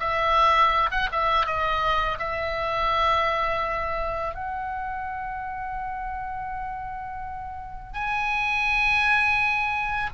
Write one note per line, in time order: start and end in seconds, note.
0.00 0.90 E5
0.91 1.09 F#5
1.12 1.47 E5
1.47 2.19 D#5
2.19 4.35 E5
4.35 7.94 F#5
7.94 10.11 G#5